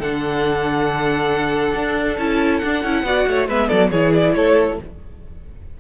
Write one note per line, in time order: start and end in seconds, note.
0.00 1.75 D3
0.00 2.20 D4
0.00 3.04 A4
0.00 2.19 F#5
1.75 2.18 D4
2.18 2.62 C#4
2.18 2.63 E4
2.18 2.59 A5
2.59 2.85 D4
2.59 2.84 D4
2.59 3.46 F#5
2.84 3.03 C#4
2.84 3.06 E4
3.03 3.25 B3
3.03 3.49 F#4
3.03 3.28 D5
3.28 3.49 A3
3.28 3.49 C#5
3.49 3.70 G#3
3.49 3.93 B3
3.49 3.68 B4
3.49 3.69 E5
3.68 3.91 F#3
3.68 3.90 A4
3.68 3.90 D5
3.91 4.35 E3
3.91 4.81 E4
3.91 4.34 G#4
3.91 4.13 C#5
4.15 4.35 D5
4.35 4.79 A3
4.35 4.80 A4
4.35 4.78 C#5